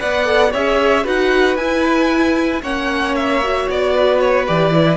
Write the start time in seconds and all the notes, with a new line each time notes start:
0.00 B3 B4 D5 F#5
0.25 A4
0.52 C#4 G#4 C#5 E5
1.04 D#4 F#4 B4 F#5
1.57 E4 G#5
2.62 A#3 C#4 C#5 F#5
3.16 E5
3.44 F#4
3.70 B3 D5
3.95 B4
4.20 C#5
4.47 E3 G4 D5
4.72 E4